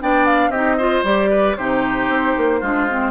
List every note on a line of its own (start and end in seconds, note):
0.00 0.49 B3
0.00 0.52 D4
0.00 0.50 D5
0.00 0.26 G5
0.26 0.51 F5
0.49 1.01 C4
0.49 0.79 D#4
0.49 0.77 G4
0.49 1.03 D#5
0.78 1.05 F4
0.78 1.30 C5
1.03 1.55 G3
1.03 1.57 G4
1.03 1.57 D5
1.31 1.57 B4
1.57 2.09 C3
1.57 2.63 D#4
1.57 2.60 G4
1.57 3.11 C5
2.09 2.35 C4
2.37 2.62 A#3
2.60 3.11 G#3
2.60 2.89 D4
2.60 3.11 F4
2.89 3.11 C4